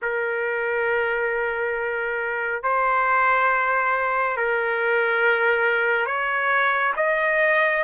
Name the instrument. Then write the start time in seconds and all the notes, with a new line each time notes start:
trumpet
0.02 A#4
2.62 C5
4.36 A#4
6.06 C#5
6.96 D#5